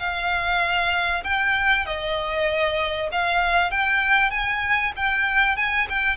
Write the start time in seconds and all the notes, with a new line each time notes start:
0.00 F5
1.24 G5
1.86 D#5
3.12 F5
3.71 G5
4.31 G#5
4.97 G5
5.57 G#5
5.90 G5